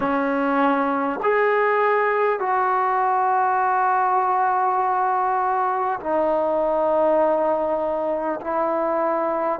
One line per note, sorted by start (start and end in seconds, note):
0.00 1.19 C#4
1.22 2.39 G#4
2.39 5.99 F#4
5.99 8.39 D#4
8.40 9.59 E4